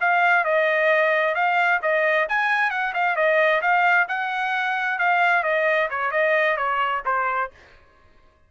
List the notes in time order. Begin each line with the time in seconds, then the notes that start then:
0.00 F5
0.44 D#5
1.34 F5
1.82 D#5
2.29 G#5
2.70 F#5
2.94 F5
3.15 D#5
3.61 F5
4.08 F#5
4.98 F5
5.43 D#5
5.89 C#5
6.11 D#5
6.56 C#5
7.05 C5